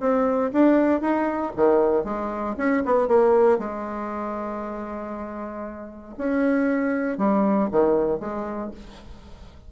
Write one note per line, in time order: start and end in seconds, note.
0.00 0.51 C4
0.52 1.01 D4
1.01 1.52 D#4
1.56 2.04 D#3
2.04 2.55 G#3
2.57 2.83 C#4
2.85 3.08 B3
3.08 3.59 A#3
3.59 6.15 G#3
6.17 7.18 C#4
7.18 7.69 G3
7.71 8.20 D#3
8.20 8.71 G#3